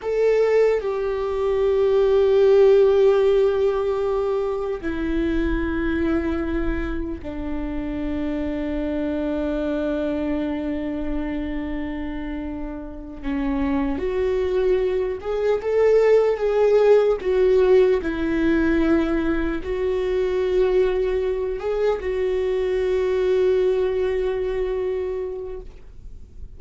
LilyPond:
\new Staff \with { instrumentName = "viola" } { \time 4/4 \tempo 4 = 75 a'4 g'2.~ | g'2 e'2~ | e'4 d'2.~ | d'1~ |
d'8 cis'4 fis'4. gis'8 a'8~ | a'8 gis'4 fis'4 e'4.~ | e'8 fis'2~ fis'8 gis'8 fis'8~ | fis'1 | }